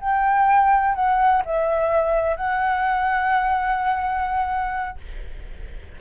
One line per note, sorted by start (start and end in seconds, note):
0.00 0.95 G5
0.95 1.42 F#5
1.45 2.36 E5
2.36 4.98 F#5